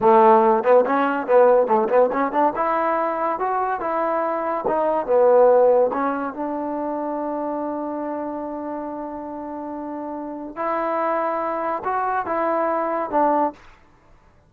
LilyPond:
\new Staff \with { instrumentName = "trombone" } { \time 4/4 \tempo 4 = 142 a4. b8 cis'4 b4 | a8 b8 cis'8 d'8 e'2 | fis'4 e'2 dis'4 | b2 cis'4 d'4~ |
d'1~ | d'1~ | d'4 e'2. | fis'4 e'2 d'4 | }